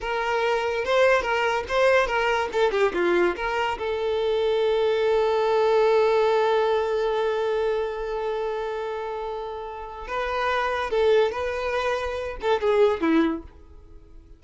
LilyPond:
\new Staff \with { instrumentName = "violin" } { \time 4/4 \tempo 4 = 143 ais'2 c''4 ais'4 | c''4 ais'4 a'8 g'8 f'4 | ais'4 a'2.~ | a'1~ |
a'1~ | a'1 | b'2 a'4 b'4~ | b'4. a'8 gis'4 e'4 | }